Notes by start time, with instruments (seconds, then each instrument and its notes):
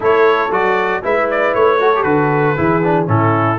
0.00 tuba A3, trombone E4, horn A4, trumpet C#5
0.50 tuba F#3, trombone F#4, trumpet D5
1.03 tuba G#3, trombone E4, horn B4, trumpet E5
1.30 trumpet D5
1.54 tuba A3, trumpet C#5
1.79 trombone F#4, horn A4
1.95 trombone G4
2.03 tuba D3, trombone F#4, trumpet B4
2.56 tuba E3, trombone E4, horn G#4
2.83 trombone D4
3.06 tuba A2, trombone C#4, horn E4, trumpet A4